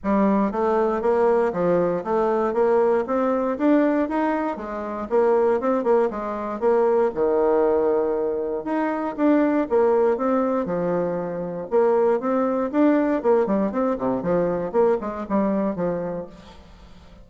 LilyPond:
\new Staff \with { instrumentName = "bassoon" } { \time 4/4 \tempo 4 = 118 g4 a4 ais4 f4 | a4 ais4 c'4 d'4 | dis'4 gis4 ais4 c'8 ais8 | gis4 ais4 dis2~ |
dis4 dis'4 d'4 ais4 | c'4 f2 ais4 | c'4 d'4 ais8 g8 c'8 c8 | f4 ais8 gis8 g4 f4 | }